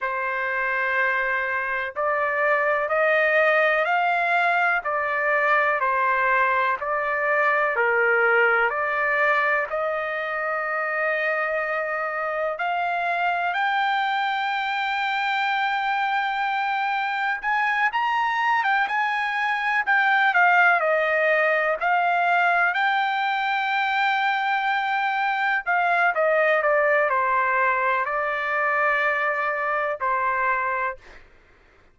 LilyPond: \new Staff \with { instrumentName = "trumpet" } { \time 4/4 \tempo 4 = 62 c''2 d''4 dis''4 | f''4 d''4 c''4 d''4 | ais'4 d''4 dis''2~ | dis''4 f''4 g''2~ |
g''2 gis''8 ais''8. g''16 gis''8~ | gis''8 g''8 f''8 dis''4 f''4 g''8~ | g''2~ g''8 f''8 dis''8 d''8 | c''4 d''2 c''4 | }